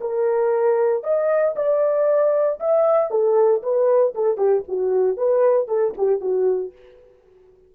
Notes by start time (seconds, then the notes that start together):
0.00 A#4
1.03 D#5
1.56 D5
2.59 E5
3.10 A4
3.62 B4
4.14 A4
4.37 G4
4.68 F#4
5.17 B4
5.67 A4
5.97 G4
6.20 F#4